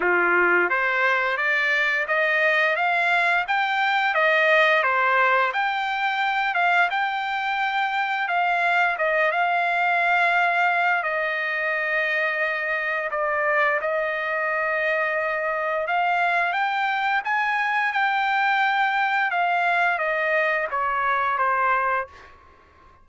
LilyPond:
\new Staff \with { instrumentName = "trumpet" } { \time 4/4 \tempo 4 = 87 f'4 c''4 d''4 dis''4 | f''4 g''4 dis''4 c''4 | g''4. f''8 g''2 | f''4 dis''8 f''2~ f''8 |
dis''2. d''4 | dis''2. f''4 | g''4 gis''4 g''2 | f''4 dis''4 cis''4 c''4 | }